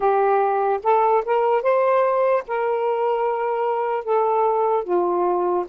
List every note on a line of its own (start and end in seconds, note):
0.00 0.80 G4
0.83 1.23 A4
1.25 1.62 A#4
1.62 2.43 C5
2.47 4.04 A#4
4.04 4.84 A4
4.84 5.65 F4